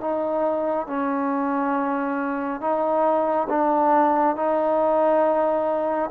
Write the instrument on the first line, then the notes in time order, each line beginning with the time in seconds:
trombone
0.00 D#4
0.87 C#4
2.60 D#4
3.49 D4
4.36 D#4